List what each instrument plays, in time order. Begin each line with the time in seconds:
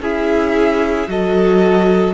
0.00 cello C#4, viola E4, violin G#4 E5
1.08 cello F#3, viola F#4, violin A4 D#5